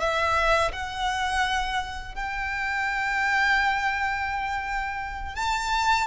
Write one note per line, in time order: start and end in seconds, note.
0.00 0.71 E5
0.72 2.15 F#5
2.15 5.35 G5
5.35 6.07 A5